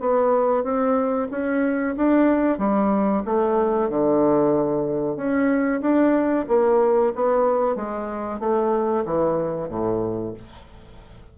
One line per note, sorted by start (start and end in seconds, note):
0.00 0.64 B3
0.64 1.28 C4
1.31 1.95 C#4
1.97 2.58 D4
2.58 3.23 G3
3.25 3.90 A3
3.90 5.16 D3
5.16 5.81 C#4
5.81 6.45 D4
6.48 7.13 A#3
7.15 7.76 B3
7.76 8.40 G#3
8.40 9.04 A3
9.05 9.69 E3
9.69 10.33 A2